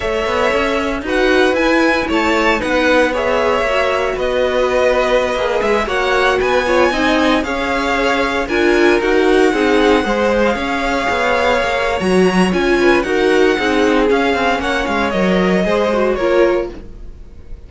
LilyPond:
<<
  \new Staff \with { instrumentName = "violin" } { \time 4/4 \tempo 4 = 115 e''2 fis''4 gis''4 | a''4 fis''4 e''2 | dis''2~ dis''8. e''8 fis''8.~ | fis''16 gis''2 f''4.~ f''16~ |
f''16 gis''4 fis''2~ fis''8. | f''2. ais''4 | gis''4 fis''2 f''4 | fis''8 f''8 dis''2 cis''4 | }
  \new Staff \with { instrumentName = "violin" } { \time 4/4 cis''2 b'2 | cis''4 b'4 cis''2 | b'2.~ b'16 cis''8.~ | cis''16 b'8 cis''8 dis''4 cis''4.~ cis''16~ |
cis''16 ais'2 gis'4 c''8.~ | c''16 cis''2.~ cis''8.~ | cis''8 b'8 ais'4 gis'2 | cis''2 c''4 ais'4 | }
  \new Staff \with { instrumentName = "viola" } { \time 4/4 a'2 fis'4 e'4~ | e'4 dis'4 gis'4 fis'4~ | fis'2~ fis'16 gis'4 fis'8.~ | fis'8. f'8 dis'4 gis'4.~ gis'16~ |
gis'16 f'4 fis'4 dis'4 gis'8.~ | gis'2. fis'4 | f'4 fis'4 dis'4 cis'4~ | cis'4 ais'4 gis'8 fis'8 f'4 | }
  \new Staff \with { instrumentName = "cello" } { \time 4/4 a8 b8 cis'4 dis'4 e'4 | a4 b2 ais4 | b2~ b16 ais8 gis8 ais8.~ | ais16 b4 c'4 cis'4.~ cis'16~ |
cis'16 d'4 dis'4 c'4 gis8.~ | gis16 cis'4 b4 ais8. fis4 | cis'4 dis'4 c'4 cis'8 c'8 | ais8 gis8 fis4 gis4 ais4 | }
>>